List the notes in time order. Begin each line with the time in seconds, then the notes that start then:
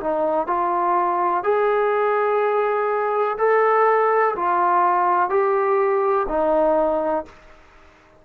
0.00 D#4
0.47 F4
1.43 G#4
3.38 A4
4.35 F4
5.29 G4
6.28 D#4